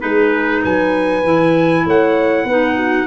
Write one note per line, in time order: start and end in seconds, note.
0.00 0.64 G#3
0.00 1.22 D#4
0.00 0.62 G#4
0.00 0.62 B4
0.62 1.24 F#3
0.62 1.84 B4
0.62 1.87 G#5
1.24 1.85 E3
1.24 2.47 E4
1.86 2.45 A3
1.86 2.45 C#5
1.86 3.07 F#5
2.45 3.06 B3
2.45 3.07 D#4
2.45 2.75 B4
2.76 3.07 F#4